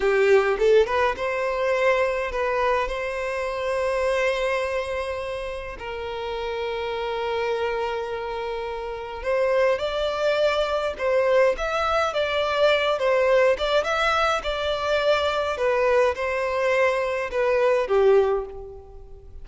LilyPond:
\new Staff \with { instrumentName = "violin" } { \time 4/4 \tempo 4 = 104 g'4 a'8 b'8 c''2 | b'4 c''2.~ | c''2 ais'2~ | ais'1 |
c''4 d''2 c''4 | e''4 d''4. c''4 d''8 | e''4 d''2 b'4 | c''2 b'4 g'4 | }